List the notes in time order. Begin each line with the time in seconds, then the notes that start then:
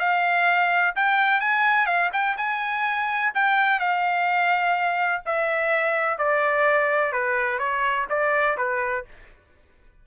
0.00 F5
0.96 G5
1.40 G#5
1.87 F5
2.13 G5
2.38 G#5
3.35 G5
3.80 F5
5.26 E5
6.18 D5
7.13 B4
7.59 C#5
8.10 D5
8.57 B4